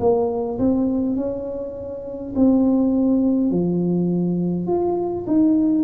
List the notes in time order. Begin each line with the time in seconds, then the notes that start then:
0.00 A#3
0.59 C4
1.17 C#4
2.36 C4
3.51 F3
4.67 F4
5.27 D#4